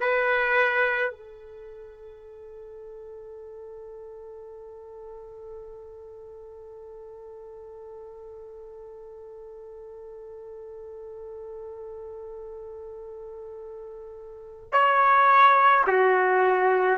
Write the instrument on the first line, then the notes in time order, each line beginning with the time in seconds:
trumpet
0.00 B4
1.11 A4
14.72 C#5
15.87 F#4